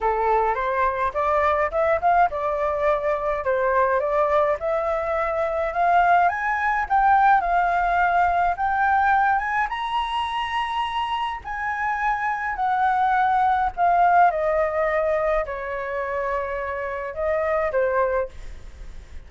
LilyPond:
\new Staff \with { instrumentName = "flute" } { \time 4/4 \tempo 4 = 105 a'4 c''4 d''4 e''8 f''8 | d''2 c''4 d''4 | e''2 f''4 gis''4 | g''4 f''2 g''4~ |
g''8 gis''8 ais''2. | gis''2 fis''2 | f''4 dis''2 cis''4~ | cis''2 dis''4 c''4 | }